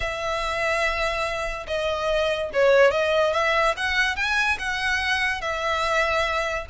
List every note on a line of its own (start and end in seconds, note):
0.00 1.66 E5
1.67 2.50 D#5
2.53 2.91 C#5
2.91 3.33 D#5
3.33 3.74 E5
3.76 4.16 F#5
4.16 4.57 G#5
4.58 5.41 F#5
5.41 6.66 E5